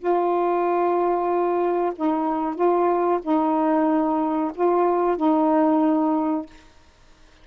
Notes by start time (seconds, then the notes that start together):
0.00 F4
1.96 D#4
2.56 F4
3.23 D#4
4.55 F4
5.17 D#4